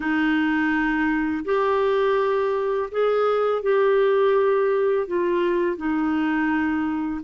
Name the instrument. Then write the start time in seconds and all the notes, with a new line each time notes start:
clarinet
0.00 D#4
1.45 G4
2.91 G#4
3.62 G4
5.07 F4
5.76 D#4